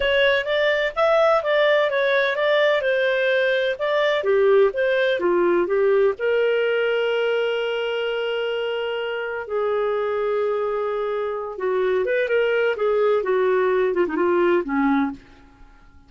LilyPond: \new Staff \with { instrumentName = "clarinet" } { \time 4/4 \tempo 4 = 127 cis''4 d''4 e''4 d''4 | cis''4 d''4 c''2 | d''4 g'4 c''4 f'4 | g'4 ais'2.~ |
ais'1 | gis'1~ | gis'8 fis'4 b'8 ais'4 gis'4 | fis'4. f'16 dis'16 f'4 cis'4 | }